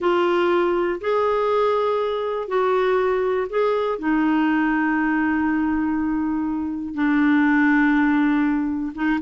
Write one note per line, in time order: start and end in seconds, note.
0.00 1.00 F4
1.01 2.48 G#4
2.48 3.47 F#4
3.49 3.98 G#4
3.98 6.94 D#4
6.94 8.93 D4
8.95 9.20 D#4